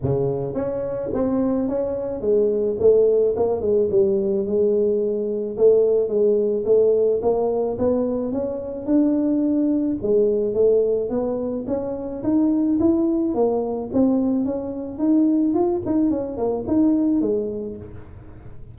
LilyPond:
\new Staff \with { instrumentName = "tuba" } { \time 4/4 \tempo 4 = 108 cis4 cis'4 c'4 cis'4 | gis4 a4 ais8 gis8 g4 | gis2 a4 gis4 | a4 ais4 b4 cis'4 |
d'2 gis4 a4 | b4 cis'4 dis'4 e'4 | ais4 c'4 cis'4 dis'4 | f'8 dis'8 cis'8 ais8 dis'4 gis4 | }